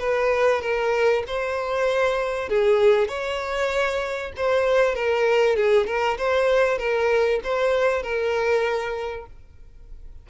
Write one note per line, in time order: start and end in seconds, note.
0.00 0.62 B4
0.62 1.24 A#4
1.28 2.49 C5
2.49 3.09 G#4
3.09 4.32 C#5
4.37 4.96 C5
4.96 5.57 A#4
5.57 5.87 G#4
5.87 6.18 A#4
6.19 6.79 C5
6.79 7.41 A#4
7.44 8.03 C5
8.03 9.27 A#4